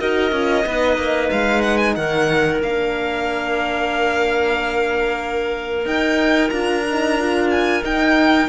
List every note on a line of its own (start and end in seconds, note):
0.00 0.32 D#4
0.00 0.33 F#4
0.00 0.65 A#4
0.00 1.30 D#5
0.32 0.65 C#4
0.32 0.66 F4
0.65 0.98 B3
0.65 2.62 D#4
0.65 1.95 B4
0.98 1.30 A#3
1.31 1.97 G#3
1.31 1.62 F5
1.62 1.78 F#5
1.78 1.94 G#5
1.96 2.62 D#3
1.96 8.49 A#4
1.96 2.61 F#5
2.62 5.86 A#3
2.62 5.86 D4
2.62 5.87 F5
5.86 6.51 D#4
5.86 6.50 G5
6.50 7.82 D4
6.50 6.85 F4
6.50 7.48 A#5
6.90 7.19 D#4
7.19 7.82 F4
7.51 7.84 G#5
7.82 8.48 D#4
7.82 8.49 D#4
7.82 8.49 G5